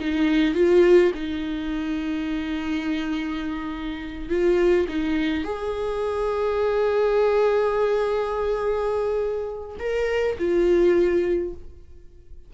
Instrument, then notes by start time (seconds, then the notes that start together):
viola
0.00 D#4
0.54 F4
1.14 D#4
4.29 F4
4.88 D#4
5.44 G#4
9.79 A#4
10.38 F4